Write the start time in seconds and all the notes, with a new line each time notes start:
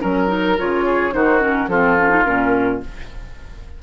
0.00 F#3 C#4 A#4
0.27 D#4
0.57 C#3 F4 C#5
0.85 G#4
1.12 D#3 D#4 F#4 C5
1.40 C#4 A#4
1.67 F3 C4 F4 A4
1.98 C#4
2.09 D#4
2.24 A#2 C#4 A#4